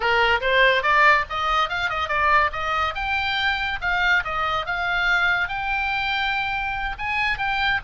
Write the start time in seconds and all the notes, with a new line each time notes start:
0.00 A#4
0.40 C5
0.82 D5
1.29 D#5
1.69 F5
1.89 D#5
2.08 D5
2.52 D#5
2.94 G5
3.81 F5
4.24 D#5
4.66 F5
5.48 G5
6.98 G#5
7.38 G5